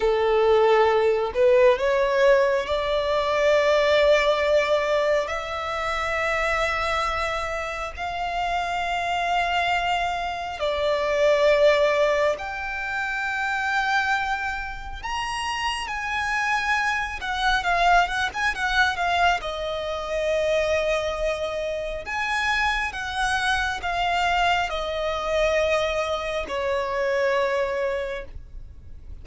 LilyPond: \new Staff \with { instrumentName = "violin" } { \time 4/4 \tempo 4 = 68 a'4. b'8 cis''4 d''4~ | d''2 e''2~ | e''4 f''2. | d''2 g''2~ |
g''4 ais''4 gis''4. fis''8 | f''8 fis''16 gis''16 fis''8 f''8 dis''2~ | dis''4 gis''4 fis''4 f''4 | dis''2 cis''2 | }